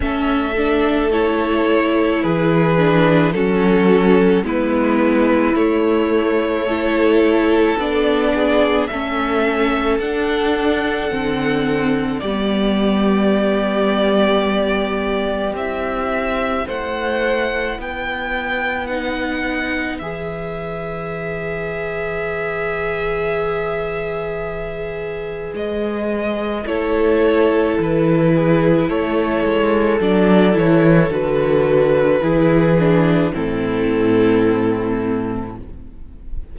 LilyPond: <<
  \new Staff \with { instrumentName = "violin" } { \time 4/4 \tempo 4 = 54 e''4 cis''4 b'4 a'4 | b'4 cis''2 d''4 | e''4 fis''2 d''4~ | d''2 e''4 fis''4 |
g''4 fis''4 e''2~ | e''2. dis''4 | cis''4 b'4 cis''4 d''8 cis''8 | b'2 a'2 | }
  \new Staff \with { instrumentName = "violin" } { \time 4/4 a'2 gis'4 fis'4 | e'2 a'4. gis'8 | a'2. g'4~ | g'2. c''4 |
b'1~ | b'1 | a'4. gis'8 a'2~ | a'4 gis'4 e'2 | }
  \new Staff \with { instrumentName = "viola" } { \time 4/4 cis'8 d'8 e'4. d'8 cis'4 | b4 a4 e'4 d'4 | cis'4 d'4 c'4 b4~ | b2 e'2~ |
e'4 dis'4 gis'2~ | gis'1 | e'2. d'8 e'8 | fis'4 e'8 d'8 c'2 | }
  \new Staff \with { instrumentName = "cello" } { \time 4/4 a2 e4 fis4 | gis4 a2 b4 | a4 d'4 d4 g4~ | g2 c'4 a4 |
b2 e2~ | e2. gis4 | a4 e4 a8 gis8 fis8 e8 | d4 e4 a,2 | }
>>